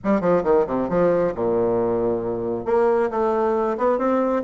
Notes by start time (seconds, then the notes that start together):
0.03 G3
0.20 F3
0.43 D#3
0.66 C3
0.89 F3
1.34 A#2
2.65 A#3
3.10 A3
3.77 B3
3.98 C4